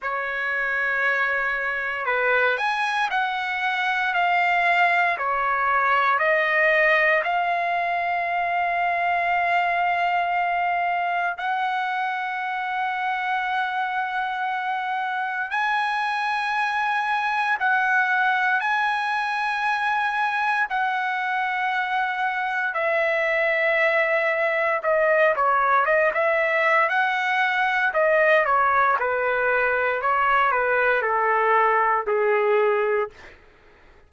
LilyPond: \new Staff \with { instrumentName = "trumpet" } { \time 4/4 \tempo 4 = 58 cis''2 b'8 gis''8 fis''4 | f''4 cis''4 dis''4 f''4~ | f''2. fis''4~ | fis''2. gis''4~ |
gis''4 fis''4 gis''2 | fis''2 e''2 | dis''8 cis''8 dis''16 e''8. fis''4 dis''8 cis''8 | b'4 cis''8 b'8 a'4 gis'4 | }